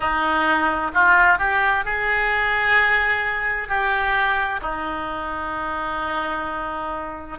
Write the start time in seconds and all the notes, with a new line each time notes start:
0.00 D#4
0.94 F4
1.38 G4
1.84 G#4
3.68 G4
4.62 D#4